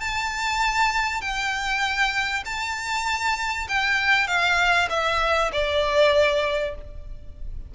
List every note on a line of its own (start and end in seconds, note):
0.00 1.21 A5
1.21 2.44 G5
2.45 3.67 A5
3.68 4.27 G5
4.27 4.88 F5
4.90 5.51 E5
5.52 6.75 D5